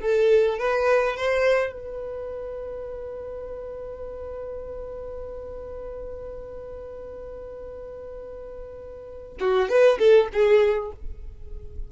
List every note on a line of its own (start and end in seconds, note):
0.00 0.58 A4
0.58 1.17 B4
1.17 1.73 C5
1.73 9.38 B4
9.40 9.69 F#4
9.69 9.98 B4
9.99 10.28 A4
10.33 10.92 G#4